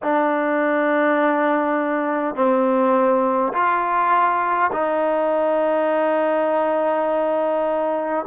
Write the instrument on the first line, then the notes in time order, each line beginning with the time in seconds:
trombone
0.02 D4
2.35 C4
3.53 F4
4.72 D#4